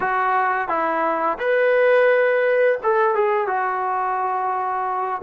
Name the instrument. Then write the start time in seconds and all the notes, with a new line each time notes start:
trombone
0.00 F#4
0.68 E4
1.39 B4
2.83 A4
3.15 G#4
3.47 F#4